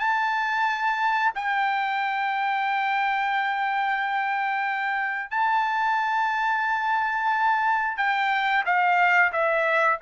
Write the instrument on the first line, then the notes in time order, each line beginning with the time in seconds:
trumpet
0.00 A5
1.35 G5
5.31 A5
7.98 G5
8.66 F5
9.33 E5